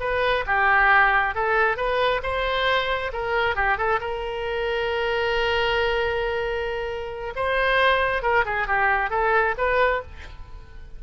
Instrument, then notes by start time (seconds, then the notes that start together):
oboe
0.00 B4
0.46 G4
1.35 A4
1.76 B4
2.23 C5
3.13 A#4
3.55 G4
3.77 A4
4.00 A#4
7.35 C5
8.22 A#4
8.45 G#4
8.67 G4
9.10 A4
9.57 B4